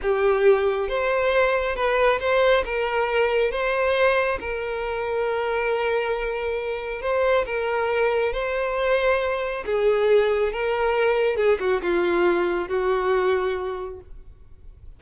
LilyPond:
\new Staff \with { instrumentName = "violin" } { \time 4/4 \tempo 4 = 137 g'2 c''2 | b'4 c''4 ais'2 | c''2 ais'2~ | ais'1 |
c''4 ais'2 c''4~ | c''2 gis'2 | ais'2 gis'8 fis'8 f'4~ | f'4 fis'2. | }